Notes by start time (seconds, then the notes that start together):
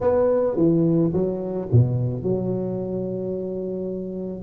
0.01 B3
0.56 E3
1.13 F#3
1.71 B2
2.23 F#3